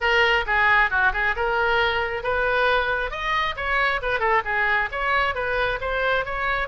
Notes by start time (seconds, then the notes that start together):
0.00 A#4
0.46 G#4
0.90 F#4
1.13 G#4
1.36 A#4
2.23 B4
3.10 D#5
3.56 C#5
4.02 B4
4.19 A4
4.44 G#4
4.91 C#5
5.34 B4
5.81 C5
6.25 C#5